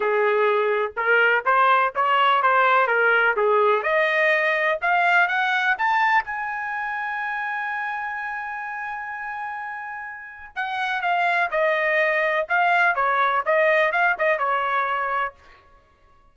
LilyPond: \new Staff \with { instrumentName = "trumpet" } { \time 4/4 \tempo 4 = 125 gis'2 ais'4 c''4 | cis''4 c''4 ais'4 gis'4 | dis''2 f''4 fis''4 | a''4 gis''2.~ |
gis''1~ | gis''2 fis''4 f''4 | dis''2 f''4 cis''4 | dis''4 f''8 dis''8 cis''2 | }